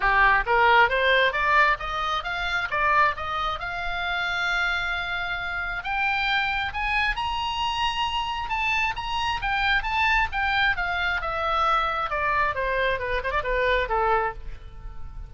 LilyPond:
\new Staff \with { instrumentName = "oboe" } { \time 4/4 \tempo 4 = 134 g'4 ais'4 c''4 d''4 | dis''4 f''4 d''4 dis''4 | f''1~ | f''4 g''2 gis''4 |
ais''2. a''4 | ais''4 g''4 a''4 g''4 | f''4 e''2 d''4 | c''4 b'8 c''16 d''16 b'4 a'4 | }